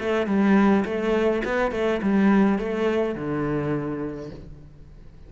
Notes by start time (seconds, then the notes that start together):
0.00 A3
0.26 G3
0.85 A3
1.45 B3
1.72 A3
2.02 G3
2.59 A3
3.15 D3